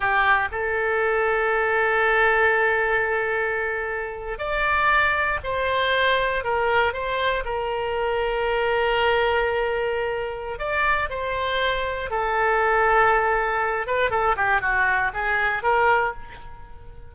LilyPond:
\new Staff \with { instrumentName = "oboe" } { \time 4/4 \tempo 4 = 119 g'4 a'2.~ | a'1~ | a'8. d''2 c''4~ c''16~ | c''8. ais'4 c''4 ais'4~ ais'16~ |
ais'1~ | ais'4 d''4 c''2 | a'2.~ a'8 b'8 | a'8 g'8 fis'4 gis'4 ais'4 | }